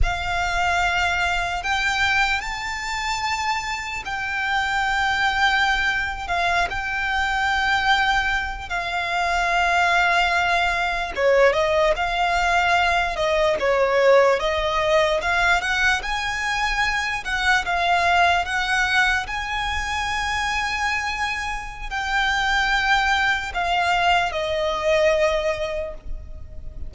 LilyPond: \new Staff \with { instrumentName = "violin" } { \time 4/4 \tempo 4 = 74 f''2 g''4 a''4~ | a''4 g''2~ g''8. f''16~ | f''16 g''2~ g''8 f''4~ f''16~ | f''4.~ f''16 cis''8 dis''8 f''4~ f''16~ |
f''16 dis''8 cis''4 dis''4 f''8 fis''8 gis''16~ | gis''4~ gis''16 fis''8 f''4 fis''4 gis''16~ | gis''2. g''4~ | g''4 f''4 dis''2 | }